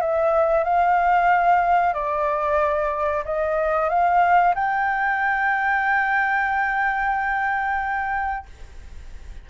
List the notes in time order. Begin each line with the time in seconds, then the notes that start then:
0.00 E5
0.64 F5
1.93 D5
3.24 D#5
3.89 F5
4.54 G5